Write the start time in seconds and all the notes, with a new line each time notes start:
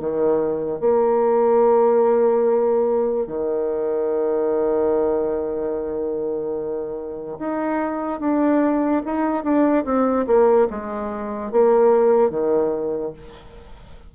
0.00 D#3
0.81 A#3
3.27 D#3
7.39 D#4
8.21 D4
9.06 D#4
9.44 D4
9.85 C4
10.27 A#3
10.71 G#3
11.52 A#3
12.31 D#3